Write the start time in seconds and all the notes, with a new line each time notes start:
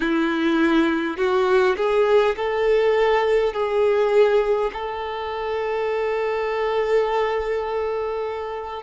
0.00 E4
1.17 F#4
1.76 G#4
2.36 A4
3.53 G#4
4.73 A4